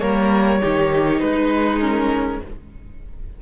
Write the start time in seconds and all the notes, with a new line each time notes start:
0.00 G3 A#3 A#4 C#5
0.61 D#3 D#4 G4
1.20 G#3 D#4 B4
1.80 C#4 A#4